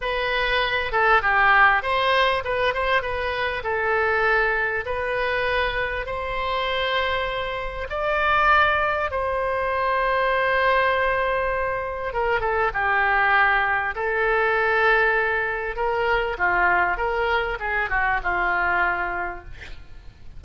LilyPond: \new Staff \with { instrumentName = "oboe" } { \time 4/4 \tempo 4 = 99 b'4. a'8 g'4 c''4 | b'8 c''8 b'4 a'2 | b'2 c''2~ | c''4 d''2 c''4~ |
c''1 | ais'8 a'8 g'2 a'4~ | a'2 ais'4 f'4 | ais'4 gis'8 fis'8 f'2 | }